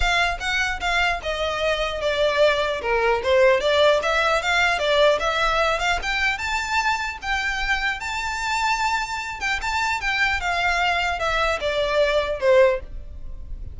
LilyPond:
\new Staff \with { instrumentName = "violin" } { \time 4/4 \tempo 4 = 150 f''4 fis''4 f''4 dis''4~ | dis''4 d''2 ais'4 | c''4 d''4 e''4 f''4 | d''4 e''4. f''8 g''4 |
a''2 g''2 | a''2.~ a''8 g''8 | a''4 g''4 f''2 | e''4 d''2 c''4 | }